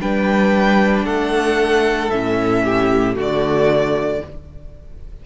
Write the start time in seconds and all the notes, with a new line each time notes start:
0.00 G3 D4 B4 G5
1.05 A3 A4 F#5
2.10 A2 C#4 E5
2.63 G4
3.15 D3 A3 F#4 D5